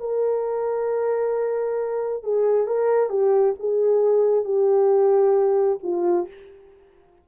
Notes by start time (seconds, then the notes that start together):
0.00 A#4
2.24 G#4
2.67 A#4
3.10 G4
3.59 G#4
4.45 G4
5.83 F4